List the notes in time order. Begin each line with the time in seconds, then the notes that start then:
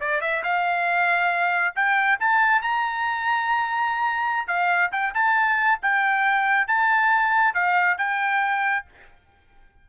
0.00 D5
0.21 E5
0.43 F5
1.75 G5
2.19 A5
2.62 A#5
4.47 F5
4.92 G5
5.14 A5
5.82 G5
6.67 A5
7.54 F5
7.98 G5